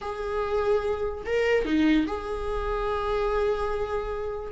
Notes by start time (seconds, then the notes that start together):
0.01 G#4
1.26 A#4
1.65 D#4
2.06 G#4